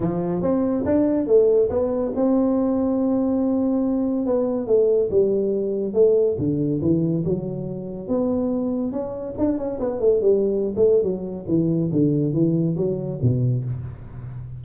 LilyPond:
\new Staff \with { instrumentName = "tuba" } { \time 4/4 \tempo 4 = 141 f4 c'4 d'4 a4 | b4 c'2.~ | c'2 b4 a4 | g2 a4 d4 |
e4 fis2 b4~ | b4 cis'4 d'8 cis'8 b8 a8 | g4~ g16 a8. fis4 e4 | d4 e4 fis4 b,4 | }